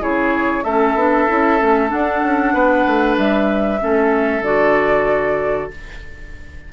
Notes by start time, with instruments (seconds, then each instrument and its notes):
0.00 bassoon C#3, clarinet E4, oboe G#4, flute C#5
0.63 bassoon A3, clarinet C#4, oboe A4, flute E5
0.94 bassoon B3, clarinet D4
1.28 bassoon C#4, clarinet E4
1.60 bassoon A3, clarinet C#4
1.88 clarinet D4, bassoon D4, flute F#5
2.22 bassoon C#4
2.53 bassoon B3, oboe B4
2.87 bassoon A3
3.17 bassoon G3, flute E5
3.79 bassoon A3, clarinet C#4, oboe A4
4.41 bassoon D3, clarinet F#4, flute D5